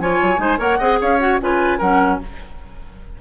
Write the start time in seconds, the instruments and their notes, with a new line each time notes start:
0.00 bassoon F3, clarinet F4, oboe C#5, flute G#5
0.22 bassoon F#3
0.38 bassoon G#3, clarinet D#4, oboe C5
0.59 bassoon A#3, clarinet A#4, oboe C#5, flute F#5
0.79 bassoon C4, clarinet G#4, oboe D#5
1.01 bassoon C#4, oboe C#5, flute F5
1.20 clarinet F#4, flute F#5
1.41 bassoon C#3, clarinet F4, oboe B4, flute G#5
1.79 bassoon F#3, clarinet C#4, oboe A#4, flute F#5